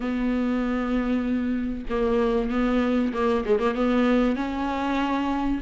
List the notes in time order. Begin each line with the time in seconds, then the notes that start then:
0.00 B3
1.89 A#3
2.50 B3
3.13 A#3
3.45 G#3
3.59 A#3
3.74 B3
4.36 C#4